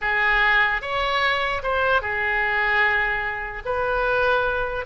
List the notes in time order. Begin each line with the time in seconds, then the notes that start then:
0.01 G#4
0.81 C#5
1.63 C5
2.01 G#4
3.65 B4